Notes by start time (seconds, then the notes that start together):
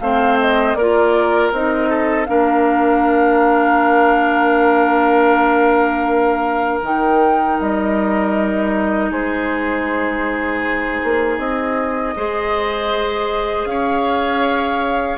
0.00 A3 C4 C5 F5
0.40 D#5
0.75 A#3 F4 A#4 D5
1.52 C4 D#4 D#5
1.89 A4
2.25 A#3 D4 A#4 F5
6.82 D#3 D#4 G5
7.60 G3 D#5
9.11 G#3 G#4 C5
11.04 A#3
11.38 C4 D#5
12.16 G#3 G#4 C5
13.65 C#4 C#5 F5